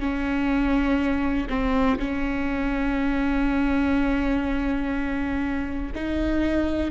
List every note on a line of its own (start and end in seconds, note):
0.00 1.48 C#4
1.49 1.99 C4
1.99 5.92 C#4
5.95 6.91 D#4